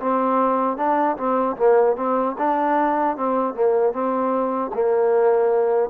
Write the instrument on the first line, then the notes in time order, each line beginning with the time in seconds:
trombone
0.00 C4
0.77 D4
1.17 C4
1.57 A#3
1.97 C4
2.39 D4
3.17 C4
3.55 A#3
3.93 C4
4.74 A#3